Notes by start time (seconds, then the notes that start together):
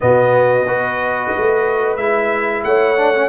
0.00 B2 B3 F#4 D#5
0.65 B3 F#4 B4
1.36 A3
1.96 G#3 E4 E5
2.64 A3 C#5 F#5
2.97 D4
3.15 C#4